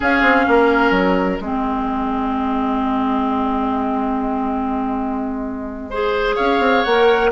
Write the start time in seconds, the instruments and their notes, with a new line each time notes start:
0.00 clarinet C#4, bassoon C#4, oboe G#4, flute F5
0.22 bassoon C4
0.48 bassoon A#3, oboe A#4
0.90 bassoon F#3, flute D#5
1.40 bassoon G#3, clarinet C4, oboe G#4
5.90 clarinet G#4, oboe C5
6.35 bassoon C#4, oboe C#5, flute F5
6.59 bassoon C4
6.83 bassoon A#3, clarinet A#4, flute F#5